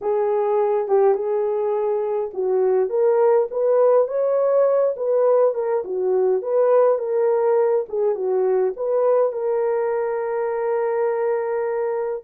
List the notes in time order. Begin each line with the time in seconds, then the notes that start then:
0.01 G#4
0.87 G4
1.14 G#4
2.33 F#4
2.89 A#4
3.50 B4
4.07 C#5
4.96 B4
5.54 A#4
5.84 F#4
6.42 B4
6.98 A#4
7.88 G#4
8.15 F#4
8.76 B4
9.32 A#4